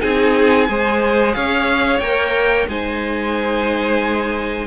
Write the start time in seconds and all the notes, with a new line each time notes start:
0.00 C4 D#4 G#4 G#5
0.68 G#3 G#4 C5
1.33 C#4 C#5 F5
1.99 A#3 A#4 G5
2.67 G#3 D#4 C5 G#5